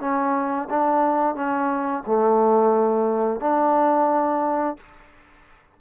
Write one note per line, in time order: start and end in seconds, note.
0.00 0.68 C#4
0.70 1.35 D4
1.35 2.03 C#4
2.06 3.40 A3
3.40 4.77 D4